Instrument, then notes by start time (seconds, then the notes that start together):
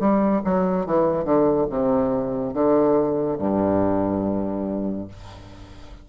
bassoon
0.00 G3
0.45 F#3
0.86 E3
1.24 D3
1.70 C3
2.54 D3
3.39 G2